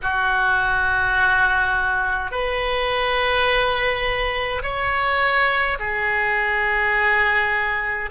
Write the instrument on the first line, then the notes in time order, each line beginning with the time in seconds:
oboe
0.02 F#4
2.31 B4
4.62 C#5
5.79 G#4